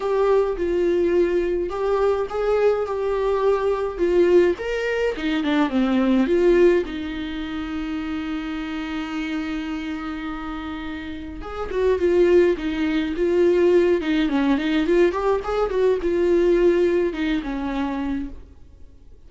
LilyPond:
\new Staff \with { instrumentName = "viola" } { \time 4/4 \tempo 4 = 105 g'4 f'2 g'4 | gis'4 g'2 f'4 | ais'4 dis'8 d'8 c'4 f'4 | dis'1~ |
dis'1 | gis'8 fis'8 f'4 dis'4 f'4~ | f'8 dis'8 cis'8 dis'8 f'8 g'8 gis'8 fis'8 | f'2 dis'8 cis'4. | }